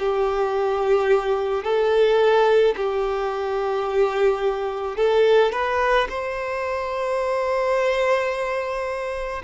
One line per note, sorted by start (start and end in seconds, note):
0.00 1.64 G4
1.64 2.75 A4
2.77 4.97 G4
4.97 5.53 A4
5.53 6.08 B4
6.10 9.43 C5